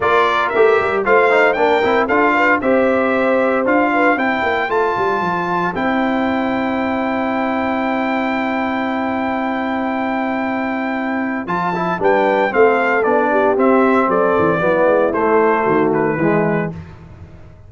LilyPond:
<<
  \new Staff \with { instrumentName = "trumpet" } { \time 4/4 \tempo 4 = 115 d''4 e''4 f''4 g''4 | f''4 e''2 f''4 | g''4 a''2 g''4~ | g''1~ |
g''1~ | g''2 a''4 g''4 | f''4 d''4 e''4 d''4~ | d''4 c''4. b'4. | }
  \new Staff \with { instrumentName = "horn" } { \time 4/4 ais'2 c''4 ais'4 | a'8 b'8 c''2~ c''8 b'8 | c''1~ | c''1~ |
c''1~ | c''2. b'4 | a'4. g'4. a'4 | e'2 fis'4 e'4 | }
  \new Staff \with { instrumentName = "trombone" } { \time 4/4 f'4 g'4 f'8 dis'8 d'8 e'8 | f'4 g'2 f'4 | e'4 f'2 e'4~ | e'1~ |
e'1~ | e'2 f'8 e'8 d'4 | c'4 d'4 c'2 | b4 a2 gis4 | }
  \new Staff \with { instrumentName = "tuba" } { \time 4/4 ais4 a8 g8 a4 ais8 c'8 | d'4 c'2 d'4 | c'8 ais8 a8 g8 f4 c'4~ | c'1~ |
c'1~ | c'2 f4 g4 | a4 b4 c'4 fis8 e8 | fis8 gis8 a4 dis4 e4 | }
>>